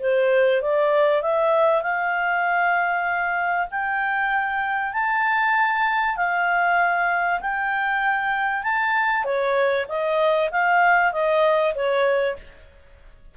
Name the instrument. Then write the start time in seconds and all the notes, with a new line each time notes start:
clarinet
0.00 C5
0.62 D5
1.22 E5
1.82 F5
3.71 G5
4.94 A5
6.17 F5
7.41 G5
8.63 A5
9.24 C#5
9.89 D#5
10.52 F5
11.13 D#5
11.75 C#5